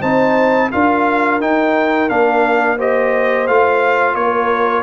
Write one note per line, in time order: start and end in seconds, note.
0.00 0.72 C4
0.00 0.72 D#4
0.00 0.69 C5
0.00 0.71 A5
0.72 1.41 D4
0.72 1.41 F4
0.72 2.77 A#4
0.72 1.41 F5
1.41 2.10 D#4
1.41 2.09 D#4
1.41 2.10 G5
2.09 3.48 A#3
2.09 2.78 D4
2.09 2.79 F5
2.77 3.48 G4
2.77 4.15 C5
2.77 3.48 D#5
3.48 4.15 A3
3.48 4.83 F4
3.48 4.16 F5
4.15 4.83 A#3
4.15 4.83 A#4
4.15 4.83 C#5